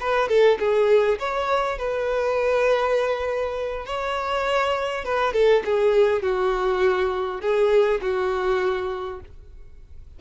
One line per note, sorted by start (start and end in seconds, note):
0.00 0.28 B4
0.28 0.58 A4
0.59 1.18 G#4
1.19 1.78 C#5
1.78 3.86 B4
3.86 5.04 C#5
5.04 5.33 B4
5.33 5.62 A4
5.64 6.22 G#4
6.22 7.41 F#4
7.41 8.00 G#4
8.01 9.20 F#4